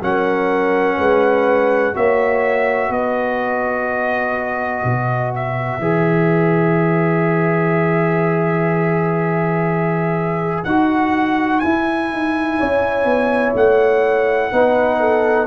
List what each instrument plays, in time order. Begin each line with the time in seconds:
0.00 tuba F#3, trombone C#4, horn A#4, trumpet F#5
0.97 tuba G#3, horn B4
1.93 tuba A#3, trombone F#4, horn C#5, trumpet E5
2.89 tuba B3, horn B4, trumpet D#5
4.84 tuba B2
5.35 trumpet E5
5.79 tuba E3, trombone G#4
10.64 tuba D#4, trombone F#4, trumpet F#5
11.59 trombone E4, tuba E4, trumpet G#5
12.12 tuba D#4
12.58 tuba C#4, horn C#5
13.04 tuba B3
13.54 tuba A3, trumpet F#5
14.52 tuba B3, trombone D#4, horn B4
14.99 horn A4